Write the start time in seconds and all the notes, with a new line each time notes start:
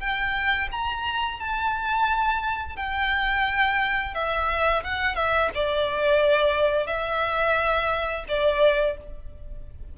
0.00 G5
0.72 A#5
1.40 A5
2.76 G5
4.14 E5
4.84 F#5
5.15 E5
5.55 D5
6.87 E5
8.29 D5